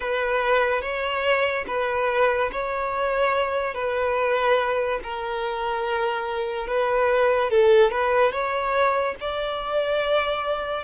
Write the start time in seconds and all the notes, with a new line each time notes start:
0.00 B4
0.81 C#5
1.67 B4
2.52 C#5
3.74 B4
5.03 A#4
6.67 B4
7.50 A4
7.91 B4
8.31 C#5
9.20 D5